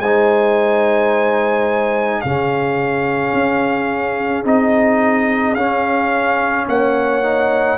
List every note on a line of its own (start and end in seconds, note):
0.00 2.22 G#3
0.00 2.26 D#4
0.00 2.22 C5
0.00 2.21 G#5
2.21 3.34 C#3
2.21 4.45 C#4
2.21 6.66 G#4
2.21 4.44 F5
3.34 4.45 C#4
4.45 5.56 C4
4.45 5.56 D#4
4.45 5.55 D#5
5.55 6.67 C#4
5.55 7.24 C#4
5.55 6.66 F5
6.68 7.78 A#3
6.68 7.78 C#5
6.68 7.78 F#5
7.24 7.78 D#4